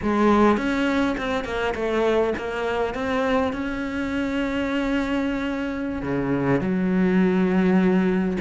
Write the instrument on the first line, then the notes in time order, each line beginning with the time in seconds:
cello
0.02 G#3
0.57 C#4
1.17 C4
1.44 A#3
1.75 A3
2.37 A#3
2.94 C4
3.53 C#4
6.02 C#3
6.60 F#3